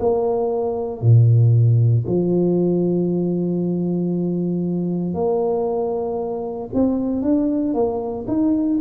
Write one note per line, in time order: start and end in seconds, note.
0.00 1.02 A#3
1.02 2.05 A#2
2.07 5.14 F3
5.14 6.70 A#3
6.74 7.23 C4
7.23 7.74 D4
7.74 8.26 A#3
8.28 8.80 D#4